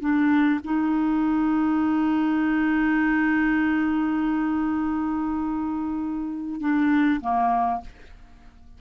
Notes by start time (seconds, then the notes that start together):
0.00 D4
0.64 D#4
6.61 D4
7.21 A#3